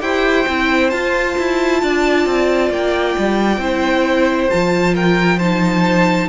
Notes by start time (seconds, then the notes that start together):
0.00 E4 G4 C5 G5
0.47 C4 E4
0.90 F4 A5
1.38 E4
1.82 D4 D5
2.26 C4
2.69 A#3 G5
3.18 G3
3.57 C4 E4 C5
4.49 F3 F4 A5
4.94 A#4 G5
5.38 D#4 C5 A5